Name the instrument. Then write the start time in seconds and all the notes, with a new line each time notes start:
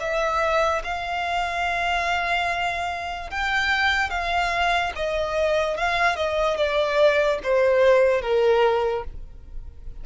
violin
0.00 E5
0.84 F5
3.30 G5
4.10 F5
4.95 D#5
5.77 F5
6.16 D#5
6.57 D5
7.43 C5
8.22 A#4